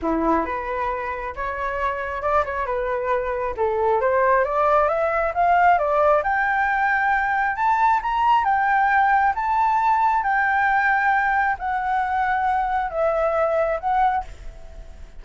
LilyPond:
\new Staff \with { instrumentName = "flute" } { \time 4/4 \tempo 4 = 135 e'4 b'2 cis''4~ | cis''4 d''8 cis''8 b'2 | a'4 c''4 d''4 e''4 | f''4 d''4 g''2~ |
g''4 a''4 ais''4 g''4~ | g''4 a''2 g''4~ | g''2 fis''2~ | fis''4 e''2 fis''4 | }